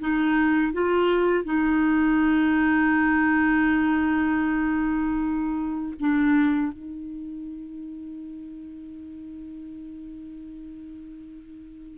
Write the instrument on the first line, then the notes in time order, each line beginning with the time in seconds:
clarinet
0.00 D#4
0.72 F4
1.45 D#4
6.00 D4
6.73 D#4